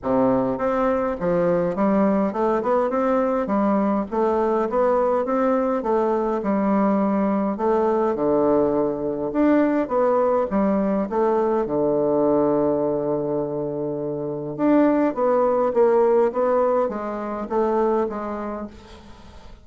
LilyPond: \new Staff \with { instrumentName = "bassoon" } { \time 4/4 \tempo 4 = 103 c4 c'4 f4 g4 | a8 b8 c'4 g4 a4 | b4 c'4 a4 g4~ | g4 a4 d2 |
d'4 b4 g4 a4 | d1~ | d4 d'4 b4 ais4 | b4 gis4 a4 gis4 | }